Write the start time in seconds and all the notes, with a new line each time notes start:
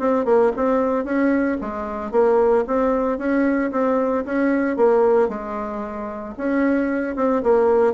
0.00 C4
0.26 A#3
0.57 C4
1.05 C#4
1.61 G#3
2.12 A#3
2.68 C4
3.19 C#4
3.72 C4
4.25 C#4
4.77 A#3
5.29 G#3
6.38 C#4
7.16 C4
7.44 A#3